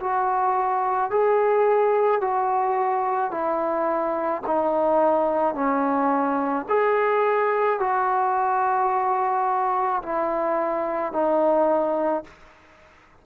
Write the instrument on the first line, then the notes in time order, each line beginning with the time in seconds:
trombone
0.00 F#4
1.10 G#4
2.21 F#4
3.31 E4
4.46 D#4
5.55 C#4
6.69 G#4
7.80 F#4
10.03 E4
11.13 D#4